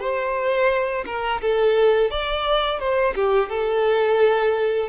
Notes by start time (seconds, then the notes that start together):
0.00 C5
1.06 A#4
1.41 A4
2.11 D5
2.79 C5
3.15 G4
3.49 A4